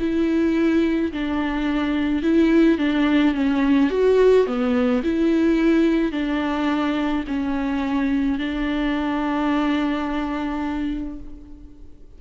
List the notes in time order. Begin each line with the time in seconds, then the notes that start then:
0.00 E4
1.12 D4
2.23 E4
2.78 D4
3.34 C#4
3.90 F#4
4.47 B3
5.04 E4
6.12 D4
7.27 C#4
8.39 D4